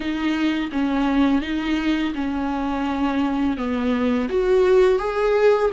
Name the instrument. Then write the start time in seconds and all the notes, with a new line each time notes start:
viola
0.00 D#4
0.71 C#4
1.41 D#4
2.14 C#4
3.57 B3
4.29 F#4
4.98 G#4